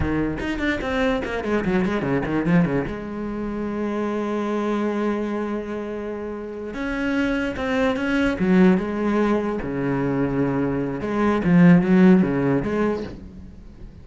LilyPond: \new Staff \with { instrumentName = "cello" } { \time 4/4 \tempo 4 = 147 dis4 dis'8 d'8 c'4 ais8 gis8 | fis8 gis8 cis8 dis8 f8 cis8 gis4~ | gis1~ | gis1~ |
gis8 cis'2 c'4 cis'8~ | cis'8 fis4 gis2 cis8~ | cis2. gis4 | f4 fis4 cis4 gis4 | }